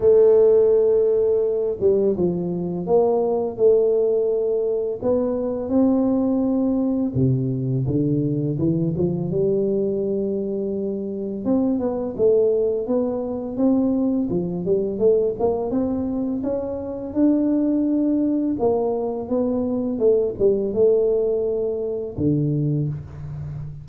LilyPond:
\new Staff \with { instrumentName = "tuba" } { \time 4/4 \tempo 4 = 84 a2~ a8 g8 f4 | ais4 a2 b4 | c'2 c4 d4 | e8 f8 g2. |
c'8 b8 a4 b4 c'4 | f8 g8 a8 ais8 c'4 cis'4 | d'2 ais4 b4 | a8 g8 a2 d4 | }